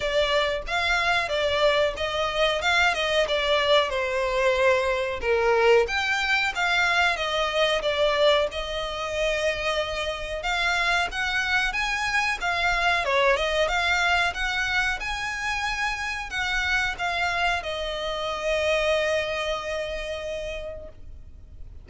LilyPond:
\new Staff \with { instrumentName = "violin" } { \time 4/4 \tempo 4 = 92 d''4 f''4 d''4 dis''4 | f''8 dis''8 d''4 c''2 | ais'4 g''4 f''4 dis''4 | d''4 dis''2. |
f''4 fis''4 gis''4 f''4 | cis''8 dis''8 f''4 fis''4 gis''4~ | gis''4 fis''4 f''4 dis''4~ | dis''1 | }